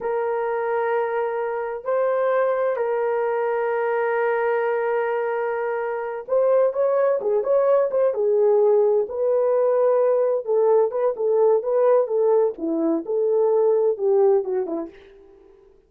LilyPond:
\new Staff \with { instrumentName = "horn" } { \time 4/4 \tempo 4 = 129 ais'1 | c''2 ais'2~ | ais'1~ | ais'4. c''4 cis''4 gis'8 |
cis''4 c''8 gis'2 b'8~ | b'2~ b'8 a'4 b'8 | a'4 b'4 a'4 e'4 | a'2 g'4 fis'8 e'8 | }